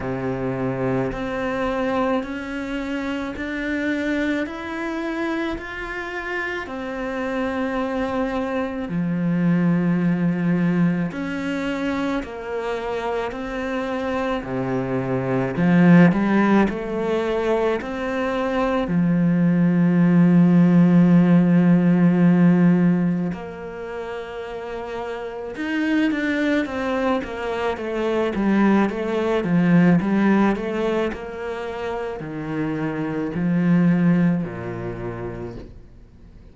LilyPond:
\new Staff \with { instrumentName = "cello" } { \time 4/4 \tempo 4 = 54 c4 c'4 cis'4 d'4 | e'4 f'4 c'2 | f2 cis'4 ais4 | c'4 c4 f8 g8 a4 |
c'4 f2.~ | f4 ais2 dis'8 d'8 | c'8 ais8 a8 g8 a8 f8 g8 a8 | ais4 dis4 f4 ais,4 | }